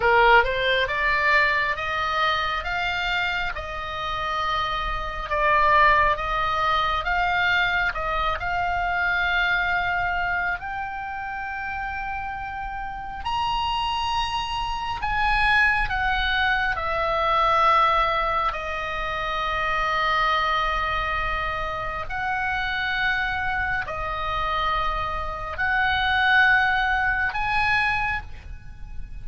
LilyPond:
\new Staff \with { instrumentName = "oboe" } { \time 4/4 \tempo 4 = 68 ais'8 c''8 d''4 dis''4 f''4 | dis''2 d''4 dis''4 | f''4 dis''8 f''2~ f''8 | g''2. ais''4~ |
ais''4 gis''4 fis''4 e''4~ | e''4 dis''2.~ | dis''4 fis''2 dis''4~ | dis''4 fis''2 gis''4 | }